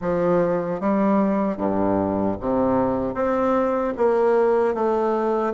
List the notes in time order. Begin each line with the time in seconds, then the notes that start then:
0.01 F3
0.80 G3
1.57 G2
2.40 C3
3.14 C4
3.97 A#3
4.74 A3